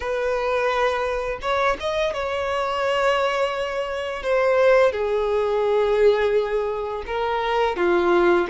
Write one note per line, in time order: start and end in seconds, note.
0.00 1.39 B4
1.41 1.76 C#5
1.80 2.13 D#5
2.13 4.22 C#5
4.22 4.92 C5
4.92 7.03 G#4
7.06 7.76 A#4
7.76 8.47 F4